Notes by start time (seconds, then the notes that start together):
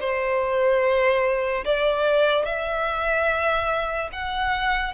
0.00 C5
1.64 D5
2.45 E5
4.12 F#5